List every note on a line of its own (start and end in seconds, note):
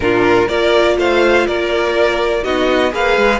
0.00 0.47 A#2
0.00 0.48 D4
0.00 0.47 F4
0.00 0.48 A#4
0.47 0.97 A#3
0.47 2.43 F4
0.47 0.96 A#4
0.47 0.97 D5
0.97 1.46 A3
0.97 1.46 C5
0.97 1.47 F5
1.46 2.44 A#3
1.46 2.43 A#4
1.46 2.44 D5
2.43 2.92 B3
2.43 2.91 D#4
2.43 2.92 F#4
2.43 2.92 D#5
2.91 3.16 A#3
2.91 3.39 G#4
2.91 3.39 B4
2.91 3.39 F5
3.16 3.39 G#3